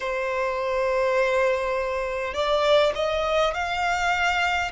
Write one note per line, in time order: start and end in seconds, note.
0.00 2.34 C5
2.34 2.93 D5
2.95 3.53 D#5
3.53 4.71 F5